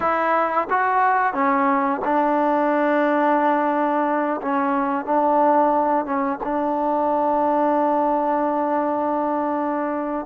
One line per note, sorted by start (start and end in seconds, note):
0.00 0.67 E4
0.70 1.33 F#4
1.33 2.00 C#4
2.04 4.40 D4
4.41 5.05 C#4
5.05 6.05 D4
6.05 6.39 C#4
6.43 10.26 D4